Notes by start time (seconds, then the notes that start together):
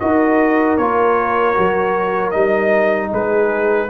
0.00 D#4 F#4 A#4 D#5
0.78 A#3 F4 C#5
1.54 F#3 F#4
2.31 G3 D#4 D#5
3.12 G#3 G#4 B4